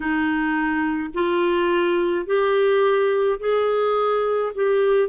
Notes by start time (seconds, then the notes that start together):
0.00 D#4
1.13 F4
2.25 G4
3.40 G#4
4.54 G4